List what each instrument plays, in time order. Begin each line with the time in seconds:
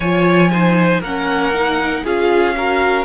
0.00 cello F3, viola F4, violin C#5 G#5
0.51 viola D#4, violin C5
1.00 cello A#3, viola C#4, violin A#4 F#5
1.54 viola D#4
2.04 cello C#4, viola F4, violin G#4 F5
2.56 viola F#4, violin A#4